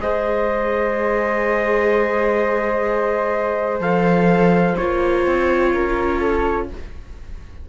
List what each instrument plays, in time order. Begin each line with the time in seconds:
0.00 cello G#3, viola G#4, flute C5, trumpet D#5
3.80 cello F3, viola A4, trumpet F5
4.76 cello A#3, viola F4, trumpet C#5
5.26 cello C4
5.73 cello C#4, flute A#4
6.19 flute A4